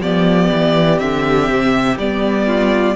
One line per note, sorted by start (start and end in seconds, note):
0.00 0.49 F3
0.00 0.97 B3
0.00 2.46 G4
0.00 0.99 D5
0.52 1.01 E3
0.97 1.49 D3
0.97 1.95 C4
0.97 1.97 E5
1.49 1.97 C3
1.97 2.95 G3
1.97 2.95 B3
1.97 2.95 D5
2.46 2.95 F4